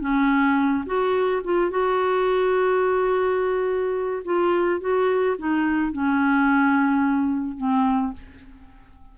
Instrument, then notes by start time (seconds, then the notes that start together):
clarinet
0.00 C#4
0.86 F#4
1.44 F4
1.70 F#4
4.24 F4
4.80 F#4
5.38 D#4
5.92 C#4
7.57 C4